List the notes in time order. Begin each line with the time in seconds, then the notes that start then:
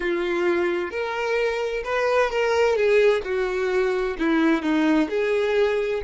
0.00 F4
0.90 A#4
1.84 B4
2.30 A#4
2.75 G#4
3.24 F#4
4.18 E4
4.62 D#4
5.09 G#4